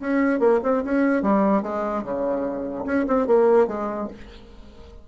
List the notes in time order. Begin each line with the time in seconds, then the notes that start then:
0.00 C#4
0.40 A#3
0.63 C4
0.84 C#4
1.22 G3
1.62 G#3
2.03 C#3
2.85 C#4
3.07 C4
3.27 A#3
3.67 G#3